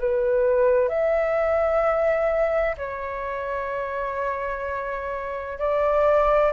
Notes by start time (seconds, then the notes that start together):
0.00 B4
0.89 E5
2.78 C#5
5.59 D5